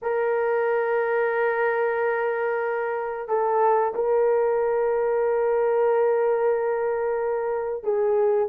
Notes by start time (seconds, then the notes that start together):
0.02 A#4
3.28 A4
3.95 A#4
7.83 G#4